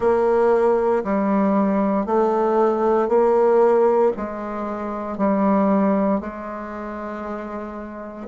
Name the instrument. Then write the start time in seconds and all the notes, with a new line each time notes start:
bassoon
0.00 A#3
1.03 G3
2.05 A3
3.08 A#3
4.17 G#3
5.17 G3
6.20 G#3